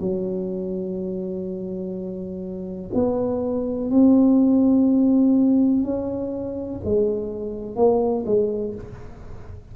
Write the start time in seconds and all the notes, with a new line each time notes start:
0.00 F#3
2.94 B3
3.90 C4
5.84 C#4
6.84 G#3
7.76 A#3
8.26 G#3